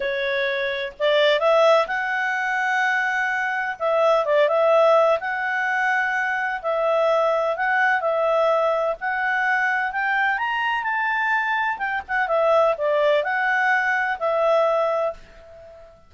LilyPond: \new Staff \with { instrumentName = "clarinet" } { \time 4/4 \tempo 4 = 127 cis''2 d''4 e''4 | fis''1 | e''4 d''8 e''4. fis''4~ | fis''2 e''2 |
fis''4 e''2 fis''4~ | fis''4 g''4 ais''4 a''4~ | a''4 g''8 fis''8 e''4 d''4 | fis''2 e''2 | }